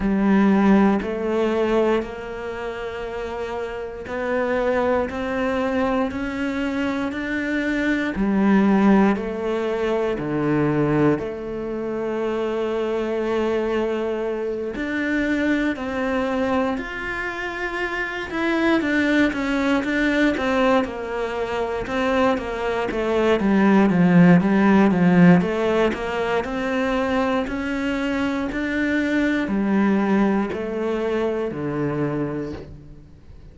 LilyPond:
\new Staff \with { instrumentName = "cello" } { \time 4/4 \tempo 4 = 59 g4 a4 ais2 | b4 c'4 cis'4 d'4 | g4 a4 d4 a4~ | a2~ a8 d'4 c'8~ |
c'8 f'4. e'8 d'8 cis'8 d'8 | c'8 ais4 c'8 ais8 a8 g8 f8 | g8 f8 a8 ais8 c'4 cis'4 | d'4 g4 a4 d4 | }